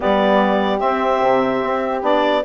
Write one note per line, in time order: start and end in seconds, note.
0.00 0.80 G3
0.00 0.78 B3
0.00 2.43 G4
0.00 0.79 D5
0.78 1.99 C4
0.78 1.21 C4
0.78 2.01 E5
1.21 1.62 C3
1.63 2.02 C4
2.01 2.42 B3
2.01 2.42 D4
2.01 2.44 D5